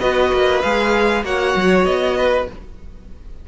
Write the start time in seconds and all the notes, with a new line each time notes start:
0.00 B3 F#4 B4 D#5
0.33 A#3
0.61 G#3 G#4 F5
1.24 A#3 F#4 C#5 F#5
1.56 F#3
1.85 B3 D#5
2.17 B4